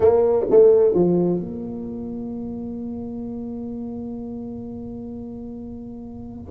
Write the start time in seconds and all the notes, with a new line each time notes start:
0.00 A#3
0.50 A3
0.93 F3
1.40 A#3